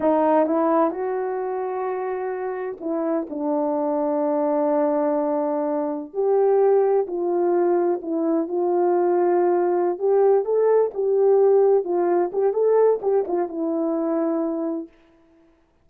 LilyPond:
\new Staff \with { instrumentName = "horn" } { \time 4/4 \tempo 4 = 129 dis'4 e'4 fis'2~ | fis'2 e'4 d'4~ | d'1~ | d'4~ d'16 g'2 f'8.~ |
f'4~ f'16 e'4 f'4.~ f'16~ | f'4. g'4 a'4 g'8~ | g'4. f'4 g'8 a'4 | g'8 f'8 e'2. | }